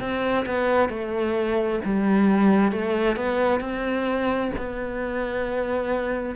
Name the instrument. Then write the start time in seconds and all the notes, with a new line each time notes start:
cello
0.00 C4
0.46 B3
0.89 A3
1.84 G3
2.71 A3
3.16 B3
3.60 C4
4.57 B3